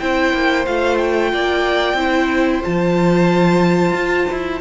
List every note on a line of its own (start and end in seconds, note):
0.00 0.34 C4
0.00 0.67 E4
0.00 1.32 C5
0.00 0.66 G5
0.34 0.67 A#3
0.66 1.33 A3
0.66 1.98 F4
0.66 0.98 F5
0.98 2.63 G5
1.33 1.94 A#3
1.33 1.98 D5
1.94 2.60 C4
1.94 2.63 E4
1.94 4.61 C5
2.63 3.94 F3
2.63 4.61 F4
2.63 4.61 A5
3.94 4.27 F4
4.32 4.61 E4